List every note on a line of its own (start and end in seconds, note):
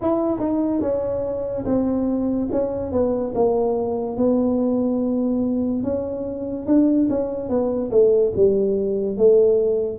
0.01 0.39 E4
0.39 0.81 D#4
0.81 1.64 C#4
1.65 2.48 C4
2.51 2.92 C#4
2.92 3.33 B3
3.34 4.16 A#3
4.16 5.83 B3
5.83 6.66 C#4
6.66 7.08 D4
7.09 7.48 C#4
7.48 7.90 B3
7.91 8.32 A3
8.36 9.17 G3
9.17 9.98 A3